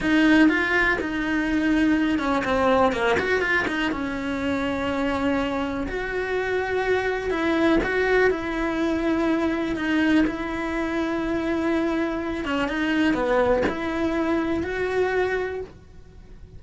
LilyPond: \new Staff \with { instrumentName = "cello" } { \time 4/4 \tempo 4 = 123 dis'4 f'4 dis'2~ | dis'8 cis'8 c'4 ais8 fis'8 f'8 dis'8 | cis'1 | fis'2. e'4 |
fis'4 e'2. | dis'4 e'2.~ | e'4. cis'8 dis'4 b4 | e'2 fis'2 | }